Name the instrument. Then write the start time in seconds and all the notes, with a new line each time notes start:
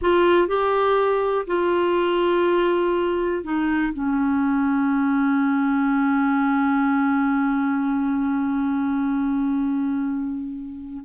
clarinet
0.01 F4
0.47 G4
1.46 F4
3.43 D#4
3.93 C#4